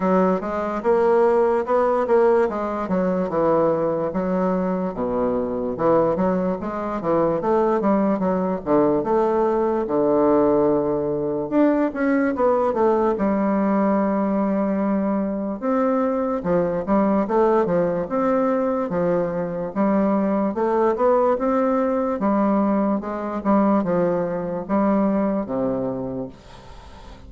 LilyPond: \new Staff \with { instrumentName = "bassoon" } { \time 4/4 \tempo 4 = 73 fis8 gis8 ais4 b8 ais8 gis8 fis8 | e4 fis4 b,4 e8 fis8 | gis8 e8 a8 g8 fis8 d8 a4 | d2 d'8 cis'8 b8 a8 |
g2. c'4 | f8 g8 a8 f8 c'4 f4 | g4 a8 b8 c'4 g4 | gis8 g8 f4 g4 c4 | }